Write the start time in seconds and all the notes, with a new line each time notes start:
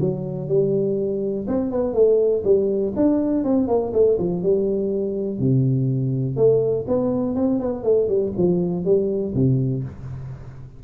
0.00 F#3
0.48 G3
1.48 C4
1.71 B3
1.94 A3
2.44 G3
2.96 D4
3.44 C4
3.68 A#3
3.93 A3
4.19 F3
4.42 G3
5.39 C3
6.36 A3
6.88 B3
7.35 C4
7.59 B3
7.84 A3
8.08 G3
8.37 F3
8.85 G3
9.34 C3